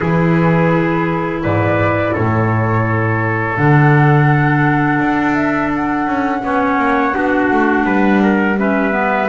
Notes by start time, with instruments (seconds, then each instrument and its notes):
0.00 double bass E3, clarinet E4, trumpet G#4, flute B4
1.42 double bass G#2, trumpet B4, flute D5
2.12 double bass A2, trumpet A4, flute C#5
3.56 double bass D3, clarinet D4, flute F#5
5.00 double bass D4
5.35 flute E5
5.75 flute F#5
6.06 double bass C#4
6.43 double bass B3, clarinet C#4, trumpet C#5
6.78 double bass A#3
7.12 double bass B3, clarinet D4, trumpet F#4
7.51 double bass A3
7.83 double bass G3, trumpet B4
8.22 trumpet A#4
8.57 clarinet C#4, trumpet B4, flute E5
8.91 clarinet B3